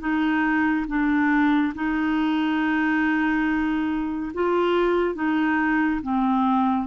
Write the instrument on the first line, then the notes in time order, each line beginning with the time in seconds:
clarinet
0.00 D#4
0.88 D4
1.75 D#4
4.34 F4
5.15 D#4
6.02 C4